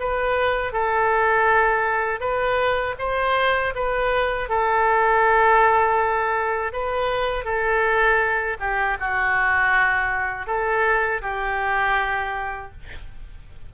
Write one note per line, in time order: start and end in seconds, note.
0.00 0.73 B4
0.73 2.20 A4
2.20 2.95 B4
2.99 3.74 C5
3.75 4.49 B4
4.49 6.73 A4
6.73 7.45 B4
7.45 8.57 A4
8.60 8.98 G4
9.00 10.47 F#4
10.47 11.22 A4
11.22 12.72 G4